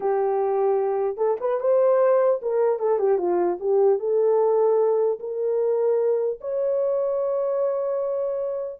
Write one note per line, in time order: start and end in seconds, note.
0.00 1.17 G4
1.17 1.37 A4
1.40 1.60 B4
1.60 2.40 C5
2.42 2.79 A#4
2.79 2.98 A4
2.98 3.17 G4
3.17 3.57 F4
3.59 3.99 G4
3.99 5.19 A4
5.19 6.39 A#4
6.40 8.80 C#5